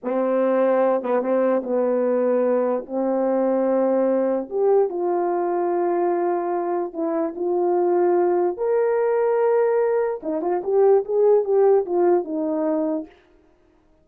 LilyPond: \new Staff \with { instrumentName = "horn" } { \time 4/4 \tempo 4 = 147 c'2~ c'8 b8 c'4 | b2. c'4~ | c'2. g'4 | f'1~ |
f'4 e'4 f'2~ | f'4 ais'2.~ | ais'4 dis'8 f'8 g'4 gis'4 | g'4 f'4 dis'2 | }